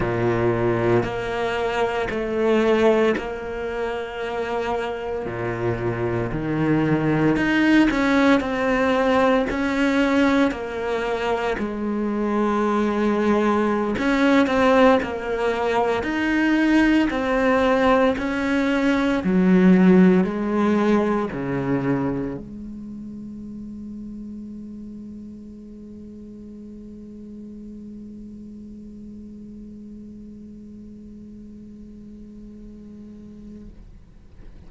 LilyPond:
\new Staff \with { instrumentName = "cello" } { \time 4/4 \tempo 4 = 57 ais,4 ais4 a4 ais4~ | ais4 ais,4 dis4 dis'8 cis'8 | c'4 cis'4 ais4 gis4~ | gis4~ gis16 cis'8 c'8 ais4 dis'8.~ |
dis'16 c'4 cis'4 fis4 gis8.~ | gis16 cis4 gis2~ gis8.~ | gis1~ | gis1 | }